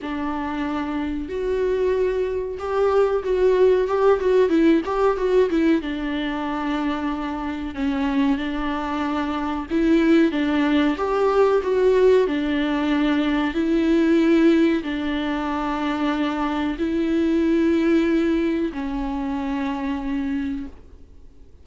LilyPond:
\new Staff \with { instrumentName = "viola" } { \time 4/4 \tempo 4 = 93 d'2 fis'2 | g'4 fis'4 g'8 fis'8 e'8 g'8 | fis'8 e'8 d'2. | cis'4 d'2 e'4 |
d'4 g'4 fis'4 d'4~ | d'4 e'2 d'4~ | d'2 e'2~ | e'4 cis'2. | }